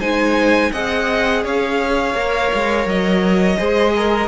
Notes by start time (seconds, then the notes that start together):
0.00 G#3 D#4 C5 G#5
0.72 C4 G#4 D#5 F#5
1.45 C#4 C#5 F5
2.15 A#3 A#4
2.55 G#3
2.86 F#3 D#5
3.58 G#3 G#4 C5
3.96 A#4